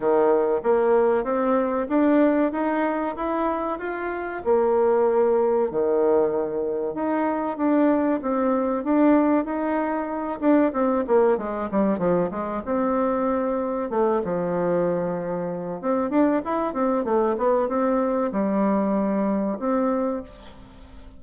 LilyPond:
\new Staff \with { instrumentName = "bassoon" } { \time 4/4 \tempo 4 = 95 dis4 ais4 c'4 d'4 | dis'4 e'4 f'4 ais4~ | ais4 dis2 dis'4 | d'4 c'4 d'4 dis'4~ |
dis'8 d'8 c'8 ais8 gis8 g8 f8 gis8 | c'2 a8 f4.~ | f4 c'8 d'8 e'8 c'8 a8 b8 | c'4 g2 c'4 | }